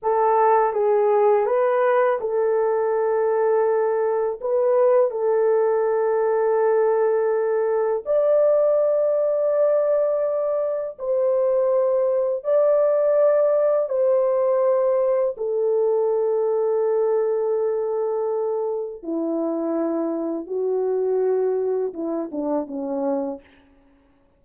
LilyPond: \new Staff \with { instrumentName = "horn" } { \time 4/4 \tempo 4 = 82 a'4 gis'4 b'4 a'4~ | a'2 b'4 a'4~ | a'2. d''4~ | d''2. c''4~ |
c''4 d''2 c''4~ | c''4 a'2.~ | a'2 e'2 | fis'2 e'8 d'8 cis'4 | }